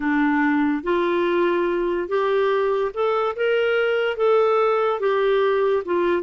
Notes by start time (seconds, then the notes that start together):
0.00 D4
0.83 F4
2.08 G4
2.94 A4
3.35 A#4
4.17 A4
5.00 G4
5.85 F4